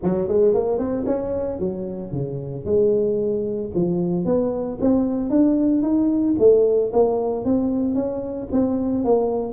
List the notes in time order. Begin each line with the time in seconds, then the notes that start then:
0.02 F#3
0.28 G#3
0.54 A#3
0.78 C4
1.06 C#4
1.59 F#3
2.12 C#3
2.65 G#3
3.74 F3
4.25 B3
4.81 C4
5.30 D4
5.82 D#4
6.39 A3
6.92 A#3
7.44 C4
7.94 C#4
8.52 C4
9.04 A#3